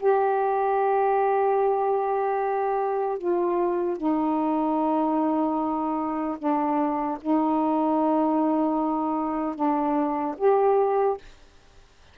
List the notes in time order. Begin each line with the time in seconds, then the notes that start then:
0.00 G4
3.18 F4
3.97 D#4
6.38 D4
7.21 D#4
9.55 D4
10.37 G4